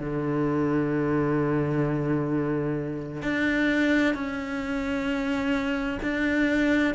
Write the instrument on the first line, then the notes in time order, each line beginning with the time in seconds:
cello
0.00 D3
3.23 D4
4.15 C#4
6.03 D4